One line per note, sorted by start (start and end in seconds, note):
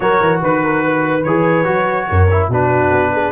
0.00 0.19 F#3
0.00 1.22 F#4
0.00 0.41 A#4
0.00 0.40 C#5
0.20 0.41 E3
0.41 1.25 D#3
0.41 0.62 B4
0.41 1.23 B4
0.64 0.83 A#4
0.83 2.08 B4
1.23 1.67 E3
1.23 1.64 G#4
1.23 2.48 C#5
1.64 2.09 F#3
1.64 2.27 F#4
2.09 2.48 F#2
2.09 2.49 A#4
2.30 2.51 E4
2.48 2.90 B2
2.48 3.31 D4
2.48 3.11 F#4
2.48 3.31 B4
2.91 3.31 B3
3.12 3.31 G#4